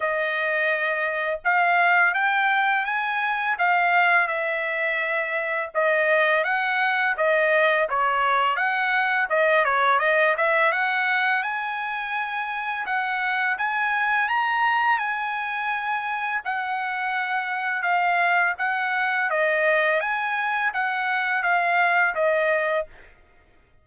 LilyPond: \new Staff \with { instrumentName = "trumpet" } { \time 4/4 \tempo 4 = 84 dis''2 f''4 g''4 | gis''4 f''4 e''2 | dis''4 fis''4 dis''4 cis''4 | fis''4 dis''8 cis''8 dis''8 e''8 fis''4 |
gis''2 fis''4 gis''4 | ais''4 gis''2 fis''4~ | fis''4 f''4 fis''4 dis''4 | gis''4 fis''4 f''4 dis''4 | }